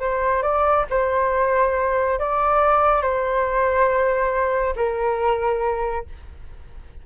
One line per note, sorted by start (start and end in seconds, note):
0.00 0.43 C5
0.43 0.86 D5
0.90 2.20 C5
2.20 3.02 D5
3.02 4.75 C5
4.76 6.06 A#4